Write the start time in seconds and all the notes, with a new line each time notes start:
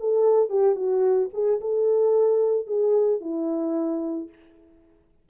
0.00 A4
0.50 G4
0.76 F#4
1.33 G#4
1.61 A4
2.67 G#4
3.21 E4